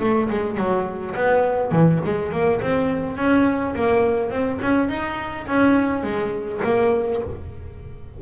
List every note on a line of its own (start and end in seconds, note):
0.00 0.29 A3
0.30 0.57 G#3
0.57 1.15 F#3
1.15 1.72 B3
1.72 2.00 E3
2.05 2.32 G#3
2.32 2.61 A#3
2.61 3.17 C4
3.17 3.75 C#4
3.75 4.31 A#3
4.31 4.59 C4
4.62 4.89 C#4
4.89 5.47 D#4
5.48 6.03 C#4
6.03 6.61 G#3
6.64 7.22 A#3